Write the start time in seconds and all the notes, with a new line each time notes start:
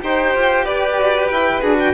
0.00 D#4 G4 C5 G5
0.35 F4
0.65 G4 B4 D5
0.97 F#4
1.29 E4 G5
1.62 D4 F#4 G#4
1.79 G5